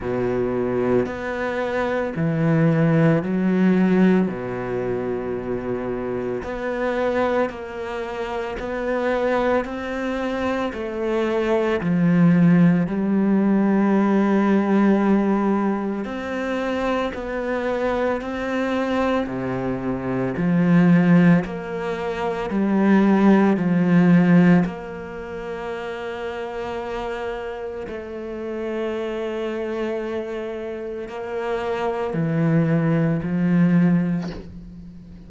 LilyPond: \new Staff \with { instrumentName = "cello" } { \time 4/4 \tempo 4 = 56 b,4 b4 e4 fis4 | b,2 b4 ais4 | b4 c'4 a4 f4 | g2. c'4 |
b4 c'4 c4 f4 | ais4 g4 f4 ais4~ | ais2 a2~ | a4 ais4 e4 f4 | }